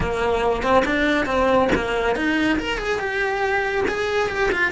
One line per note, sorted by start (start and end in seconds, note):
0.00 0.62 A#3
0.62 0.84 C4
0.85 1.26 D4
1.26 1.69 C4
1.75 2.15 A#3
2.15 2.58 D#4
2.58 2.78 A#4
2.78 2.99 G#4
2.99 3.84 G4
3.87 4.29 G#4
4.29 4.50 G4
4.51 4.71 F4